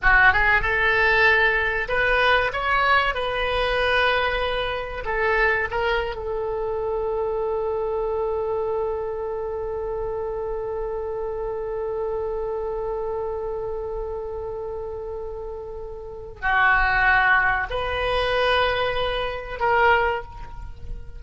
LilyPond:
\new Staff \with { instrumentName = "oboe" } { \time 4/4 \tempo 4 = 95 fis'8 gis'8 a'2 b'4 | cis''4 b'2. | a'4 ais'8. a'2~ a'16~ | a'1~ |
a'1~ | a'1~ | a'2 fis'2 | b'2. ais'4 | }